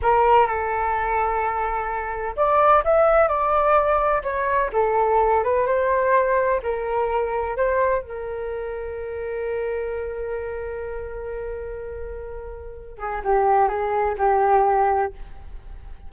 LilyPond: \new Staff \with { instrumentName = "flute" } { \time 4/4 \tempo 4 = 127 ais'4 a'2.~ | a'4 d''4 e''4 d''4~ | d''4 cis''4 a'4. b'8 | c''2 ais'2 |
c''4 ais'2.~ | ais'1~ | ais'2.~ ais'8 gis'8 | g'4 gis'4 g'2 | }